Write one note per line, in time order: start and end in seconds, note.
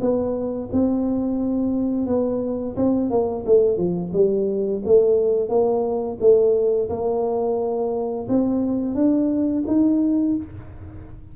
0.00 0.69 B3
0.72 2.06 C4
2.06 2.75 B3
2.76 3.10 C4
3.10 3.44 A#3
3.45 3.77 A3
3.77 4.11 F3
4.13 4.82 G3
4.85 5.48 A3
5.48 6.17 A#3
6.20 6.89 A3
6.89 8.27 A#3
8.28 8.94 C4
8.94 9.63 D4
9.67 10.36 D#4